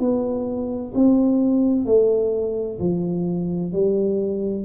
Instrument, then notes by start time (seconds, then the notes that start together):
tuba
0.00 B3
0.95 C4
1.86 A3
2.80 F3
3.73 G3